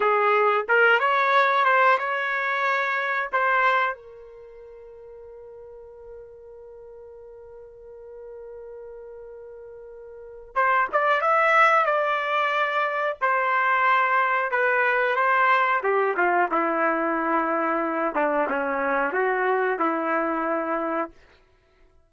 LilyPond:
\new Staff \with { instrumentName = "trumpet" } { \time 4/4 \tempo 4 = 91 gis'4 ais'8 cis''4 c''8 cis''4~ | cis''4 c''4 ais'2~ | ais'1~ | ais'1 |
c''8 d''8 e''4 d''2 | c''2 b'4 c''4 | g'8 f'8 e'2~ e'8 d'8 | cis'4 fis'4 e'2 | }